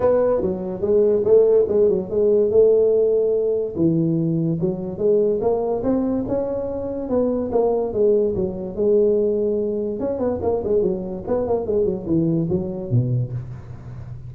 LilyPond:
\new Staff \with { instrumentName = "tuba" } { \time 4/4 \tempo 4 = 144 b4 fis4 gis4 a4 | gis8 fis8 gis4 a2~ | a4 e2 fis4 | gis4 ais4 c'4 cis'4~ |
cis'4 b4 ais4 gis4 | fis4 gis2. | cis'8 b8 ais8 gis8 fis4 b8 ais8 | gis8 fis8 e4 fis4 b,4 | }